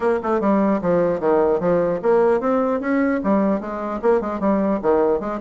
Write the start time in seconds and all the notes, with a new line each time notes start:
0.00 A#3
0.22 A3
0.40 G3
0.81 F3
1.20 D#3
1.60 F3
2.02 A#3
2.40 C4
2.80 C#4
3.23 G3
3.60 G#3
4.01 A#3
4.20 G#3
4.40 G3
4.81 D#3
5.20 G#3